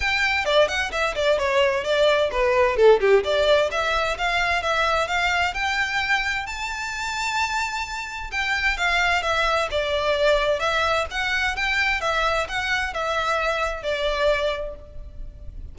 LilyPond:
\new Staff \with { instrumentName = "violin" } { \time 4/4 \tempo 4 = 130 g''4 d''8 fis''8 e''8 d''8 cis''4 | d''4 b'4 a'8 g'8 d''4 | e''4 f''4 e''4 f''4 | g''2 a''2~ |
a''2 g''4 f''4 | e''4 d''2 e''4 | fis''4 g''4 e''4 fis''4 | e''2 d''2 | }